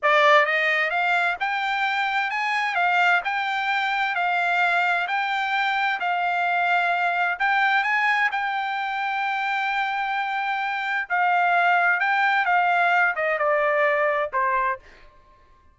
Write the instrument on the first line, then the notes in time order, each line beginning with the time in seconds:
trumpet
0.02 D5
0.45 D#5
0.90 F5
1.40 G5
2.30 G#5
2.75 F5
3.24 G5
4.15 F5
5.07 G5
6.00 F5
7.39 G5
7.83 G#5
8.31 G5
11.09 F5
11.99 G5
12.45 F5
13.15 D#5
13.38 D5
14.33 C5